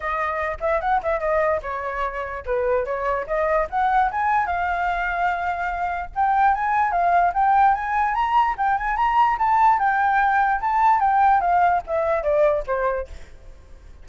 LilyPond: \new Staff \with { instrumentName = "flute" } { \time 4/4 \tempo 4 = 147 dis''4. e''8 fis''8 e''8 dis''4 | cis''2 b'4 cis''4 | dis''4 fis''4 gis''4 f''4~ | f''2. g''4 |
gis''4 f''4 g''4 gis''4 | ais''4 g''8 gis''8 ais''4 a''4 | g''2 a''4 g''4 | f''4 e''4 d''4 c''4 | }